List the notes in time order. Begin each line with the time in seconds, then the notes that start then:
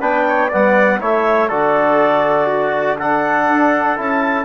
0.00 B3 D4 B4 G5
0.28 C#5
0.48 G3 B3 D5 F#5
0.99 A3 E4 C#5 E5
1.48 D3 F#4 A4 D5
2.46 F#4
2.98 D4 A4 F#5
3.49 D4
3.96 C#4 E4 A5